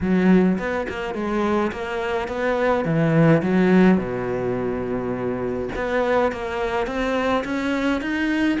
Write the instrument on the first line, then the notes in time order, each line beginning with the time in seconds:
cello
0.01 F#3
0.58 B3
0.88 A#3
1.14 G#3
1.72 A#3
2.28 B3
2.84 E3
3.42 F#3
3.97 B2
5.75 B3
6.31 A#3
6.86 C4
7.44 C#4
8.01 D#4